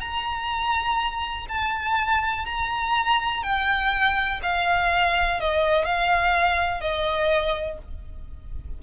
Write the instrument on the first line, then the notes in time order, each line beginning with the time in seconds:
violin
0.00 A#5
1.48 A5
2.45 A#5
3.43 G5
4.42 F5
5.40 D#5
5.85 F5
6.80 D#5